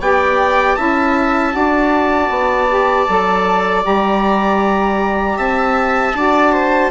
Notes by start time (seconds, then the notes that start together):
0.00 B3 G4 D5 G5
0.75 C#4 E4 E5 A5
1.52 D4 F#4 D5
2.29 B3
2.69 G4
3.08 F#3 A4
3.83 G3 G4 A#5
5.37 C4 E5 A5
6.14 D4 F#4 D5
6.52 C5